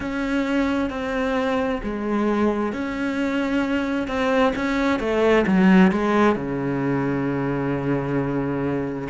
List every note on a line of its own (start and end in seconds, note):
0.00 0.90 C#4
0.90 1.81 C4
1.83 2.73 G#3
2.73 4.07 C#4
4.07 4.52 C4
4.55 4.99 C#4
4.99 5.45 A3
5.46 5.91 F#3
5.91 6.35 G#3
6.35 9.08 C#3